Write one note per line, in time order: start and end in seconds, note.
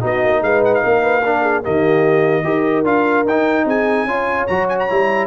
0.00 0.24 B3
0.00 1.22 D#4
0.00 0.42 F#4
0.00 0.43 D#5
0.24 0.41 A#3
0.41 0.82 G#3
0.41 0.84 B4
0.41 0.64 F5
0.65 0.74 F#5
0.74 1.64 F5
0.84 1.66 A#3
0.84 1.02 A#4
1.02 1.22 B4
1.24 1.63 D4
1.24 1.42 A#4
1.42 1.62 G#4
1.63 2.44 D#3
1.63 2.44 A#3
1.63 2.44 G4
1.63 2.86 D#5
2.44 2.85 D#4
2.44 2.85 G4
2.44 3.66 A#4
2.85 3.25 D4
2.85 3.25 F4
2.85 3.27 F5
3.25 3.65 D#4
3.25 4.08 D#4
3.25 3.68 G5
3.65 4.05 C4
3.65 4.07 G#4
3.65 4.47 G#5
4.05 4.46 C#4
4.05 4.48 F4
4.05 5.27 C#5
4.47 4.90 F#3
4.47 4.90 F#4
4.47 4.68 A#5
4.69 4.79 G#5
4.79 5.27 A#5
4.90 5.27 G3
4.90 5.27 E4